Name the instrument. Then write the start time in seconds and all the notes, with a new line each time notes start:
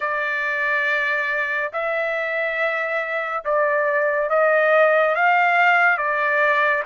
trumpet
0.00 D5
1.73 E5
3.44 D5
4.29 D#5
5.15 F5
5.97 D5